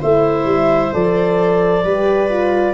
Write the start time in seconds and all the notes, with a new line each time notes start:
0.00 A3 E4 C5 E5
0.45 G3
0.93 F3 A4 D5
1.84 G3 G4 B4
2.30 F4